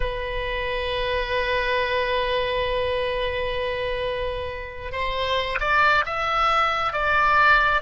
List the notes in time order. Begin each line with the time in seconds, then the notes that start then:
0.00 B4
4.91 C5
5.60 D5
6.05 E5
6.92 D5